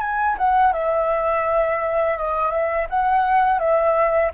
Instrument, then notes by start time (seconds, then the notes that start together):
flute
0.00 G#5
0.38 F#5
0.73 E5
2.17 D#5
2.51 E5
2.89 F#5
3.59 E5